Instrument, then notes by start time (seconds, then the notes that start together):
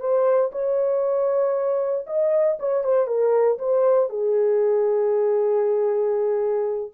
horn
0.00 C5
0.52 C#5
2.07 D#5
2.60 C#5
2.84 C5
3.07 A#4
3.59 C5
4.10 G#4